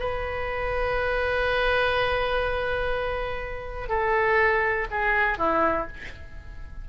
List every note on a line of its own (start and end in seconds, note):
0.00 3.89 B4
3.89 4.88 A4
4.91 5.38 G#4
5.38 5.87 E4